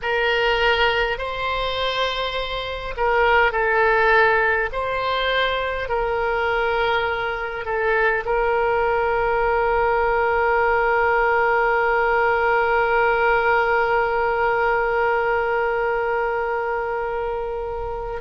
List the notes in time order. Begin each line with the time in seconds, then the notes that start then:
0.02 A#4
1.18 C5
2.97 A#4
3.51 A4
4.72 C5
5.88 A#4
7.65 A4
8.25 A#4